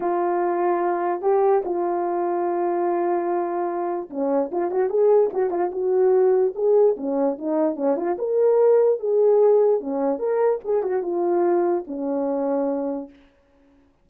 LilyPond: \new Staff \with { instrumentName = "horn" } { \time 4/4 \tempo 4 = 147 f'2. g'4 | f'1~ | f'2 cis'4 f'8 fis'8 | gis'4 fis'8 f'8 fis'2 |
gis'4 cis'4 dis'4 cis'8 f'8 | ais'2 gis'2 | cis'4 ais'4 gis'8 fis'8 f'4~ | f'4 cis'2. | }